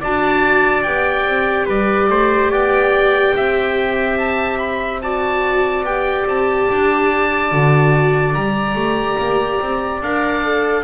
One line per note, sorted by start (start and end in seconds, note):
0.00 0.86 D4
0.00 0.85 F#4
0.00 1.66 D5
0.00 0.83 A5
0.83 1.25 B3
0.83 5.02 G4
0.83 1.66 G5
1.25 1.66 C4
1.66 2.09 G3
1.66 2.07 B4
1.66 2.52 D5
2.09 2.50 A3
2.09 2.50 C5
2.50 3.34 B3
2.50 3.34 D5
2.50 4.18 G5
3.35 5.83 C4
3.35 5.03 E5
4.18 4.58 A5
4.58 5.00 B5
5.02 5.86 F#4
5.02 10.84 D5
5.02 5.85 A5
5.83 6.24 B3
5.83 7.51 G4
5.83 6.27 G5
6.26 6.67 C4
6.26 8.34 A5
6.70 7.52 D4
7.51 8.35 D3
7.51 8.35 F#4
8.34 8.75 G3
8.34 10.02 G4
8.34 10.01 A#5
8.75 9.17 A3
9.18 9.60 A#3
9.60 10.01 C4
10.01 10.84 D4
10.01 10.43 A#4
10.01 10.84 F5
10.43 10.84 A4